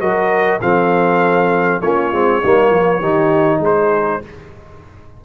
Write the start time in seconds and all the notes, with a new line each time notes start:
0.00 F#3 F#4 A#4 D#5
0.61 F3 C4 A4 F5
1.82 A#3 C#4 F4 C#5
2.12 G#3 C4
2.43 G3 A#3 D#4
2.70 F3 F4
3.00 D#3 D#4 G4
3.60 G#3 G#4 C5